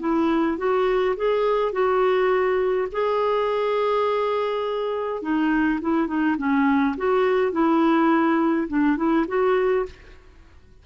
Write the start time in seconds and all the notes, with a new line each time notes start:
0.00 E4
0.58 F#4
1.16 G#4
1.73 F#4
2.92 G#4
5.22 D#4
5.81 E4
6.07 D#4
6.38 C#4
6.98 F#4
7.52 E4
8.68 D4
8.97 E4
9.28 F#4